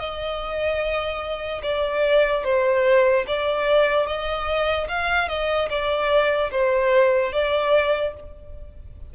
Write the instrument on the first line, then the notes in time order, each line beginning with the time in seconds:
violin
0.00 D#5
1.63 D5
2.44 C5
3.28 D5
4.07 D#5
4.89 F5
5.29 D#5
5.70 D5
6.52 C5
7.33 D5